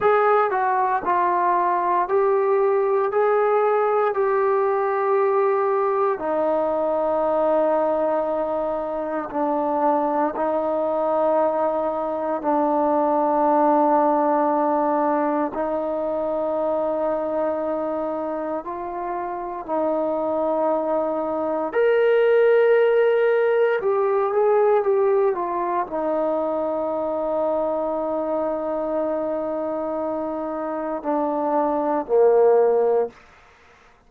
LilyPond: \new Staff \with { instrumentName = "trombone" } { \time 4/4 \tempo 4 = 58 gis'8 fis'8 f'4 g'4 gis'4 | g'2 dis'2~ | dis'4 d'4 dis'2 | d'2. dis'4~ |
dis'2 f'4 dis'4~ | dis'4 ais'2 g'8 gis'8 | g'8 f'8 dis'2.~ | dis'2 d'4 ais4 | }